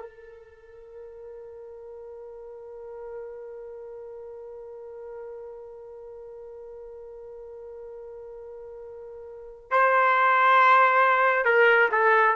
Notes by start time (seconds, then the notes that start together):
0.00 A#4
9.71 C5
11.45 A#4
11.92 A4